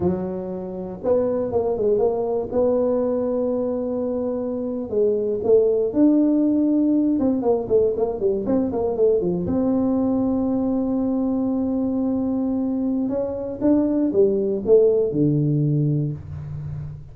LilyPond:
\new Staff \with { instrumentName = "tuba" } { \time 4/4 \tempo 4 = 119 fis2 b4 ais8 gis8 | ais4 b2.~ | b4.~ b16 gis4 a4 d'16~ | d'2~ d'16 c'8 ais8 a8 ais16~ |
ais16 g8 c'8 ais8 a8 f8 c'4~ c'16~ | c'1~ | c'2 cis'4 d'4 | g4 a4 d2 | }